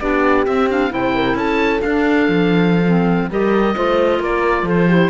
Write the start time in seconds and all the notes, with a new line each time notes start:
0.00 B3 D4 G4 D5
0.46 C4 E5
0.69 D4 F5
0.90 C3 E4 C5 G5
1.15 A#4
1.35 C#4 A4 A5
1.80 D4 F5
2.28 F3
2.87 C4
3.30 G3 G4 A#4 D#5
3.76 A3 F4 C5
4.20 A#3 A#4 D5
4.63 F3 A4
4.69 C5
4.88 E4 G4